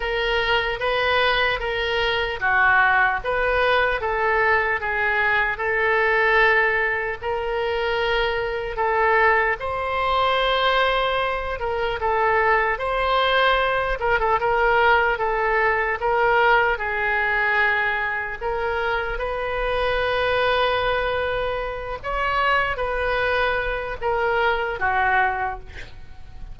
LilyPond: \new Staff \with { instrumentName = "oboe" } { \time 4/4 \tempo 4 = 75 ais'4 b'4 ais'4 fis'4 | b'4 a'4 gis'4 a'4~ | a'4 ais'2 a'4 | c''2~ c''8 ais'8 a'4 |
c''4. ais'16 a'16 ais'4 a'4 | ais'4 gis'2 ais'4 | b'2.~ b'8 cis''8~ | cis''8 b'4. ais'4 fis'4 | }